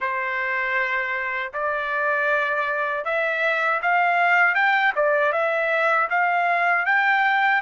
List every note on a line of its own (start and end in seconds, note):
0.00 1.52 C5
1.53 3.04 D5
3.04 3.80 E5
3.81 4.54 F5
4.54 4.92 G5
4.95 5.32 D5
5.32 6.08 E5
6.10 6.85 F5
6.85 7.61 G5